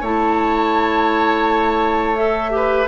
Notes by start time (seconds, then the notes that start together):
0.00 A3 E4 C#5 A5
2.16 A4 E5
2.50 G4 B4